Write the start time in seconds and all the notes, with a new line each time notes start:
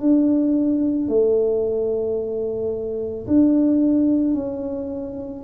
0.00 D4
1.08 A3
3.27 D4
4.34 C#4